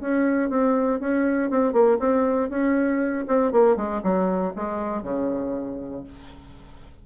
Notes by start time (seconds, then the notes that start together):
0.00 C#4
0.49 C4
1.00 C#4
1.50 C4
1.73 A#3
1.99 C4
2.50 C#4
3.28 C4
3.52 A#3
3.76 G#3
4.03 F#3
4.55 G#3
5.03 C#3